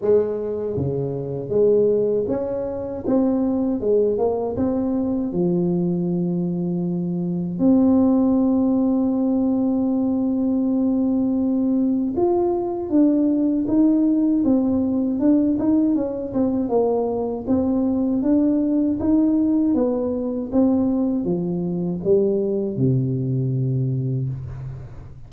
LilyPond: \new Staff \with { instrumentName = "tuba" } { \time 4/4 \tempo 4 = 79 gis4 cis4 gis4 cis'4 | c'4 gis8 ais8 c'4 f4~ | f2 c'2~ | c'1 |
f'4 d'4 dis'4 c'4 | d'8 dis'8 cis'8 c'8 ais4 c'4 | d'4 dis'4 b4 c'4 | f4 g4 c2 | }